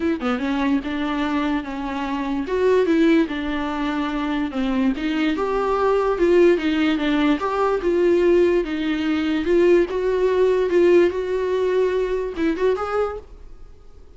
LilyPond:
\new Staff \with { instrumentName = "viola" } { \time 4/4 \tempo 4 = 146 e'8 b8 cis'4 d'2 | cis'2 fis'4 e'4 | d'2. c'4 | dis'4 g'2 f'4 |
dis'4 d'4 g'4 f'4~ | f'4 dis'2 f'4 | fis'2 f'4 fis'4~ | fis'2 e'8 fis'8 gis'4 | }